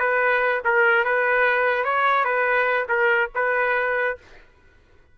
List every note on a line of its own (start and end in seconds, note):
0.00 0.62 B4
0.65 1.05 A#4
1.05 1.85 B4
1.85 2.25 C#5
2.25 2.87 B4
2.89 3.30 A#4
3.35 4.18 B4